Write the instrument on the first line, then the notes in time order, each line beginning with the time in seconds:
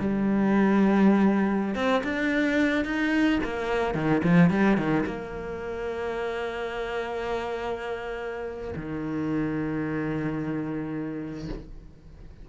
cello
0.00 G3
1.75 C4
2.04 D4
2.85 D#4
3.44 A#3
3.95 D#3
4.24 F3
4.50 G3
4.78 D#3
5.06 A#3
8.76 D#3